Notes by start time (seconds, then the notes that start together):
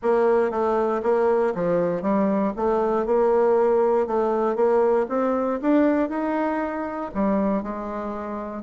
0.02 A#3
0.51 A3
1.03 A#3
1.54 F3
2.02 G3
2.56 A3
3.06 A#3
4.07 A3
4.55 A#3
5.08 C4
5.61 D4
6.09 D#4
7.14 G3
7.62 G#3